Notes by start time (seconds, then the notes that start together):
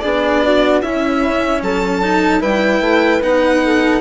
0.00 B3 D4 G#4 D5
0.43 F#4
0.82 C#4 E4 E5
1.62 F#3 A4 A5
2.03 D#4
2.40 G3 E4 B4 G5
2.81 A3
3.21 B3 D#4 F#5
3.65 A4